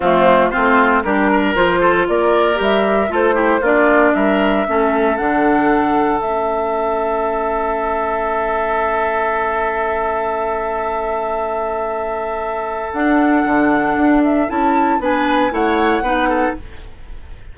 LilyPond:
<<
  \new Staff \with { instrumentName = "flute" } { \time 4/4 \tempo 4 = 116 f'4 c''4 ais'4 c''4 | d''4 e''4 c''4 d''4 | e''2 fis''2 | e''1~ |
e''1~ | e''1~ | e''4 fis''2~ fis''8 e''8 | a''4 gis''4 fis''2 | }
  \new Staff \with { instrumentName = "oboe" } { \time 4/4 c'4 f'4 g'8 ais'4 a'8 | ais'2 a'8 g'8 f'4 | ais'4 a'2.~ | a'1~ |
a'1~ | a'1~ | a'1~ | a'4 b'4 cis''4 b'8 a'8 | }
  \new Staff \with { instrumentName = "clarinet" } { \time 4/4 a4 c'4 d'4 f'4~ | f'4 g'4 f'8 e'8 d'4~ | d'4 cis'4 d'2 | cis'1~ |
cis'1~ | cis'1~ | cis'4 d'2. | e'4 d'4 e'4 dis'4 | }
  \new Staff \with { instrumentName = "bassoon" } { \time 4/4 f4 a4 g4 f4 | ais4 g4 a4 ais4 | g4 a4 d2 | a1~ |
a1~ | a1~ | a4 d'4 d4 d'4 | cis'4 b4 a4 b4 | }
>>